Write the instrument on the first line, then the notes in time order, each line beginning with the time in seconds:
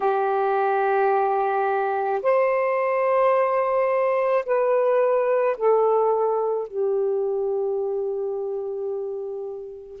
saxophone
0.00 G4
2.22 C5
4.45 B4
5.57 A4
6.67 G4